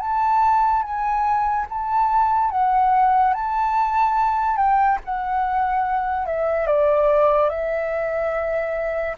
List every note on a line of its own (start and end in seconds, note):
0.00 0.83 A5
0.83 1.66 G#5
1.70 2.51 A5
2.51 3.34 F#5
3.34 4.57 A5
4.57 4.98 G5
5.05 6.27 F#5
6.27 6.67 E5
6.67 7.50 D5
7.50 9.16 E5